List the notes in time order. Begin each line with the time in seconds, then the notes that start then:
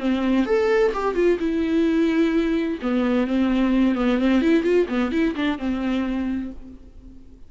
0.00 C4
0.46 A4
0.94 G4
1.15 F4
1.40 E4
2.82 B3
3.28 C4
3.96 B3
4.19 C4
4.42 E4
4.64 F4
4.89 B3
5.12 E4
5.36 D4
5.59 C4